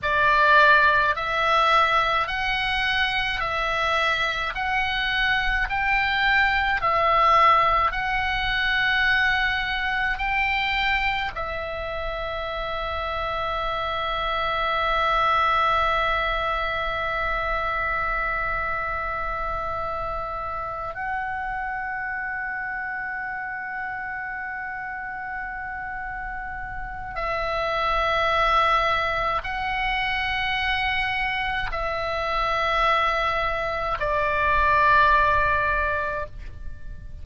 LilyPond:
\new Staff \with { instrumentName = "oboe" } { \time 4/4 \tempo 4 = 53 d''4 e''4 fis''4 e''4 | fis''4 g''4 e''4 fis''4~ | fis''4 g''4 e''2~ | e''1~ |
e''2~ e''8 fis''4.~ | fis''1 | e''2 fis''2 | e''2 d''2 | }